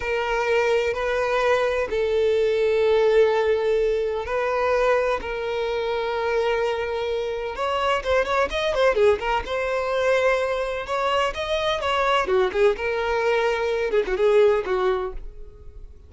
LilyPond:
\new Staff \with { instrumentName = "violin" } { \time 4/4 \tempo 4 = 127 ais'2 b'2 | a'1~ | a'4 b'2 ais'4~ | ais'1 |
cis''4 c''8 cis''8 dis''8 c''8 gis'8 ais'8 | c''2. cis''4 | dis''4 cis''4 fis'8 gis'8 ais'4~ | ais'4. gis'16 fis'16 gis'4 fis'4 | }